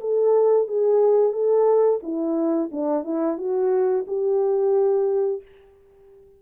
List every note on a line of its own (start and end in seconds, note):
0.00 0.67 A4
0.67 1.32 G#4
1.32 2.00 A4
2.02 2.70 E4
2.72 3.04 D4
3.04 3.37 E4
3.37 4.05 F#4
4.07 5.42 G4